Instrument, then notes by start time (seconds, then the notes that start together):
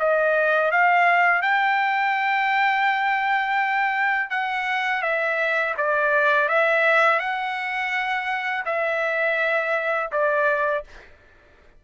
trumpet
0.00 D#5
0.72 F5
1.42 G5
4.30 F#5
5.03 E5
5.78 D5
6.49 E5
7.20 F#5
8.66 E5
10.12 D5